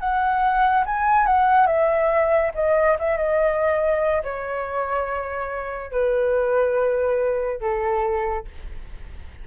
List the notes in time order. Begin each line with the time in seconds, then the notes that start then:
0.00 F#5
0.86 G#5
1.26 F#5
1.67 E5
2.55 D#5
2.99 E5
3.17 D#5
4.24 C#5
5.92 B4
7.61 A4